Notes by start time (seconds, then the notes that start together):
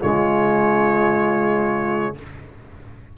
0.00 C#3 G#3 F4 C#5